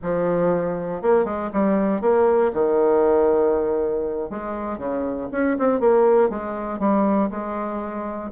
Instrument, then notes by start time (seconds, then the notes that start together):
bassoon
0.02 F3
1.02 A#3
1.24 G#3
1.52 G3
2.01 A#3
2.53 D#3
4.30 G#3
4.78 C#3
5.31 C#4
5.59 C4
5.80 A#3
6.29 G#3
6.79 G3
7.30 G#3